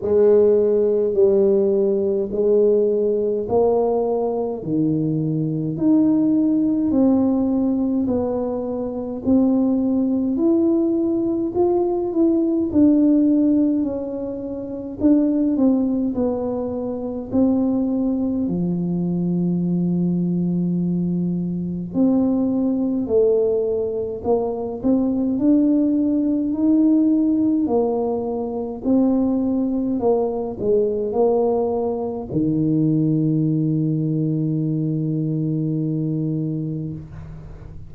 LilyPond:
\new Staff \with { instrumentName = "tuba" } { \time 4/4 \tempo 4 = 52 gis4 g4 gis4 ais4 | dis4 dis'4 c'4 b4 | c'4 e'4 f'8 e'8 d'4 | cis'4 d'8 c'8 b4 c'4 |
f2. c'4 | a4 ais8 c'8 d'4 dis'4 | ais4 c'4 ais8 gis8 ais4 | dis1 | }